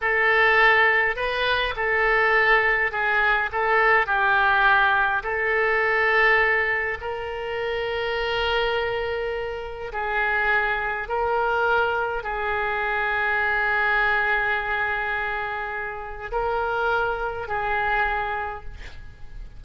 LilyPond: \new Staff \with { instrumentName = "oboe" } { \time 4/4 \tempo 4 = 103 a'2 b'4 a'4~ | a'4 gis'4 a'4 g'4~ | g'4 a'2. | ais'1~ |
ais'4 gis'2 ais'4~ | ais'4 gis'2.~ | gis'1 | ais'2 gis'2 | }